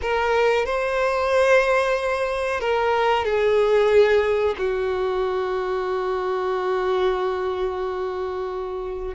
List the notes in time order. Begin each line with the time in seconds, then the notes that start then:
0.01 A#4
0.65 C5
2.60 A#4
3.24 G#4
4.57 F#4